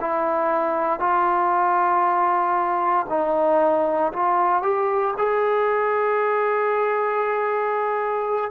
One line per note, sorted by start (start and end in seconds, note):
0.00 0.99 E4
0.99 3.06 F4
3.09 4.12 D#4
4.12 4.62 F4
4.62 5.14 G4
5.17 8.51 G#4